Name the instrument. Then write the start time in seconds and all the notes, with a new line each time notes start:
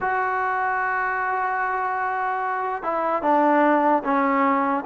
trombone
0.00 F#4
2.82 E4
3.22 D4
4.03 C#4